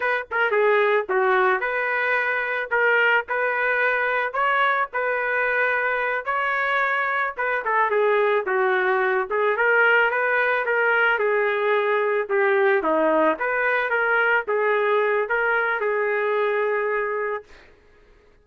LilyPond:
\new Staff \with { instrumentName = "trumpet" } { \time 4/4 \tempo 4 = 110 b'8 ais'8 gis'4 fis'4 b'4~ | b'4 ais'4 b'2 | cis''4 b'2~ b'8 cis''8~ | cis''4. b'8 a'8 gis'4 fis'8~ |
fis'4 gis'8 ais'4 b'4 ais'8~ | ais'8 gis'2 g'4 dis'8~ | dis'8 b'4 ais'4 gis'4. | ais'4 gis'2. | }